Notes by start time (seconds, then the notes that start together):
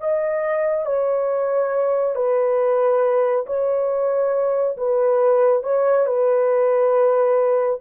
0.00 D#5
0.86 C#5
2.15 B4
3.46 C#5
4.77 B4
5.63 C#5
6.07 B4